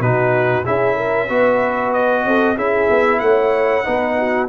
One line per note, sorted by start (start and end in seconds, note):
0.00 0.64 B2
0.00 0.64 D#4
0.00 0.65 F#4
0.00 0.65 B4
0.64 1.29 C#4
0.64 1.28 E4
0.64 0.95 G#4
0.64 1.93 E5
0.95 1.27 A#4
1.28 2.25 B3
1.28 2.57 F#4
1.28 2.23 B4
1.93 2.57 D#5
2.25 2.57 C4
2.25 2.55 A4
2.55 2.89 C#4
2.55 3.84 E4
2.55 3.19 G#4
2.55 3.19 E5
2.90 3.21 B3
3.19 3.84 A3
3.19 3.85 C#5
3.19 4.47 F#5
3.84 4.49 B3
3.84 4.48 D#4
3.84 4.17 B4
4.18 4.49 F#4